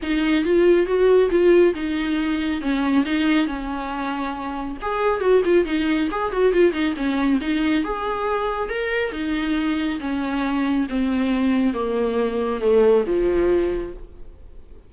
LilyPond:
\new Staff \with { instrumentName = "viola" } { \time 4/4 \tempo 4 = 138 dis'4 f'4 fis'4 f'4 | dis'2 cis'4 dis'4 | cis'2. gis'4 | fis'8 f'8 dis'4 gis'8 fis'8 f'8 dis'8 |
cis'4 dis'4 gis'2 | ais'4 dis'2 cis'4~ | cis'4 c'2 ais4~ | ais4 a4 f2 | }